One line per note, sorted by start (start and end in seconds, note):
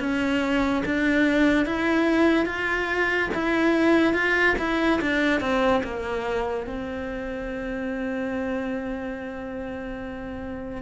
0.00 0.83 C#4
0.86 1.66 D4
1.66 2.46 E4
2.46 3.30 F4
3.34 4.14 E4
4.14 4.56 F4
4.59 5.00 E4
5.02 5.41 D4
5.41 5.83 C4
5.84 6.67 A#3
6.67 10.82 C4